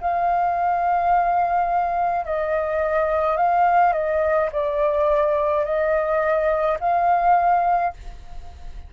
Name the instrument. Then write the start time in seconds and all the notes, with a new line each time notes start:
flute
0.00 F5
2.25 D#5
3.37 F5
3.93 D#5
4.52 D5
5.64 D#5
6.80 F5